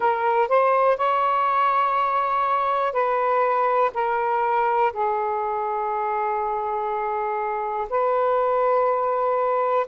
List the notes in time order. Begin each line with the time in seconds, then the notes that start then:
0.00 A#4
0.48 C5
0.97 C#5
2.92 B4
3.93 A#4
4.92 G#4
7.90 B4